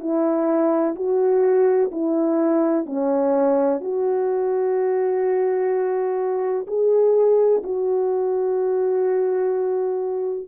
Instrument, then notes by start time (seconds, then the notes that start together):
horn
0.00 E4
0.95 F#4
1.91 E4
2.86 C#4
3.81 F#4
6.67 G#4
7.63 F#4